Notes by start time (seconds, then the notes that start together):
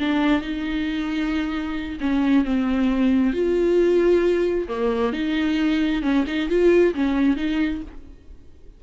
0.00 D4
0.42 D#4
2.01 C#4
2.45 C4
3.33 F4
4.68 A#3
5.13 D#4
6.02 C#4
6.27 D#4
6.49 F4
6.95 C#4
7.37 D#4